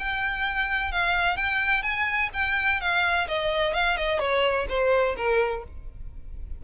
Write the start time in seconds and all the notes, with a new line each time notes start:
0.00 G5
0.92 F5
1.37 G5
1.83 G#5
2.34 G5
2.81 F5
3.28 D#5
3.74 F5
3.98 D#5
4.20 C#5
4.69 C5
5.17 A#4